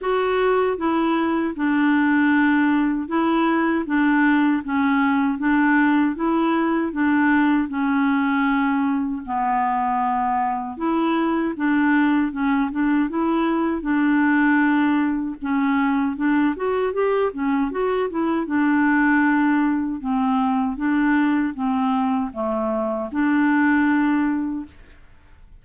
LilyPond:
\new Staff \with { instrumentName = "clarinet" } { \time 4/4 \tempo 4 = 78 fis'4 e'4 d'2 | e'4 d'4 cis'4 d'4 | e'4 d'4 cis'2 | b2 e'4 d'4 |
cis'8 d'8 e'4 d'2 | cis'4 d'8 fis'8 g'8 cis'8 fis'8 e'8 | d'2 c'4 d'4 | c'4 a4 d'2 | }